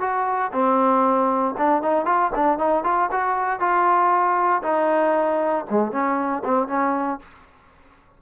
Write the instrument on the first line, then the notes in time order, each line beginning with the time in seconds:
trombone
0.00 F#4
0.52 C4
1.58 D4
1.82 D#4
2.05 F4
2.35 D4
2.58 D#4
2.84 F4
3.11 F#4
3.60 F4
4.62 D#4
5.70 G#3
5.92 C#4
6.44 C4
6.68 C#4